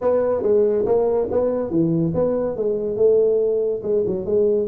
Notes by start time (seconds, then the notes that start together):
0.01 B3
0.42 G#3
0.85 A#3
1.31 B3
1.70 E3
2.14 B3
2.56 G#3
2.96 A3
3.82 G#3
4.06 F#3
4.25 G#3